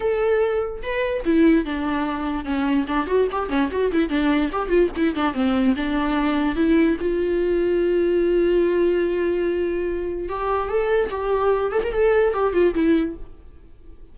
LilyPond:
\new Staff \with { instrumentName = "viola" } { \time 4/4 \tempo 4 = 146 a'2 b'4 e'4 | d'2 cis'4 d'8 fis'8 | g'8 cis'8 fis'8 e'8 d'4 g'8 f'8 | e'8 d'8 c'4 d'2 |
e'4 f'2.~ | f'1~ | f'4 g'4 a'4 g'4~ | g'8 a'16 ais'16 a'4 g'8 f'8 e'4 | }